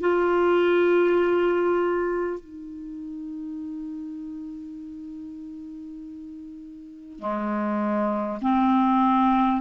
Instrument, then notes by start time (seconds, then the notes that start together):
clarinet
0.00 F4
2.40 D#4
7.19 G#3
8.42 C4